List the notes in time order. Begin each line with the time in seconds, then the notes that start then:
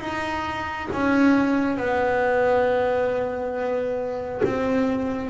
0.00 D#4
0.93 C#4
1.77 B3
4.45 C4